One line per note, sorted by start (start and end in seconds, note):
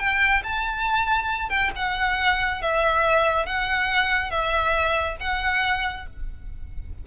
0.00 0.43 G5
0.44 1.50 A5
1.50 1.71 G5
1.76 2.62 F#5
2.62 3.46 E5
3.46 4.31 F#5
4.31 5.17 E5
5.21 6.07 F#5